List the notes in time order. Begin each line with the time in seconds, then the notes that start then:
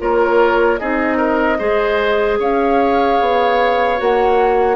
0.00 A#3 F4 A#4 C#5
0.79 C4 D#4 G#4 D#5
1.18 A#4
1.59 G#3 G#4 C5
2.39 C#4 C#5 F5
3.21 B3
3.97 A#3 F#4 F#5